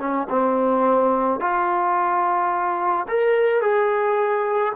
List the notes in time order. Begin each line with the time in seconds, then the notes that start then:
0.00 C#4
0.30 C4
1.40 F4
3.09 A#4
3.62 G#4